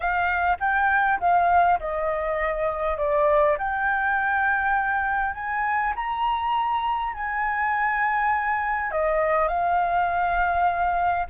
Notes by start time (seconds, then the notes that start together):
0.00 F5
0.59 G5
1.20 F5
1.79 D#5
2.97 D5
3.58 G5
5.34 G#5
5.95 A#5
7.13 G#5
8.91 D#5
9.48 F5